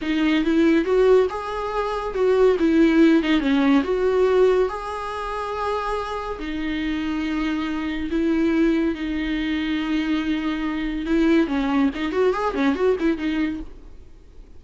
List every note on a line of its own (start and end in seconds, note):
0.01 0.44 D#4
0.44 0.84 E4
0.84 1.27 F#4
1.29 2.14 G#4
2.14 2.56 F#4
2.59 3.22 E4
3.22 3.40 D#4
3.40 3.82 C#4
3.83 4.68 F#4
4.68 6.38 G#4
6.39 8.09 D#4
8.10 8.94 E4
8.94 11.05 D#4
11.05 11.47 E4
11.47 11.89 C#4
11.94 12.12 D#4
12.12 12.33 F#4
12.33 12.54 G#4
12.54 12.75 C#4
12.75 12.96 F#4
12.99 13.17 E4
13.17 13.60 D#4